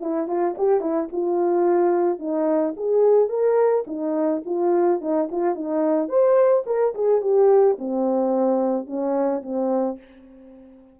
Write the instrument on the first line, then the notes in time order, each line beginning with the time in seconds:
horn
0.00 E4
0.27 F4
0.58 G4
0.80 E4
1.12 F4
2.19 D#4
2.77 G#4
3.29 A#4
3.87 D#4
4.45 F4
5.01 D#4
5.31 F4
5.55 D#4
6.08 C5
6.66 A#4
6.94 G#4
7.21 G4
7.78 C4
8.86 C#4
9.42 C4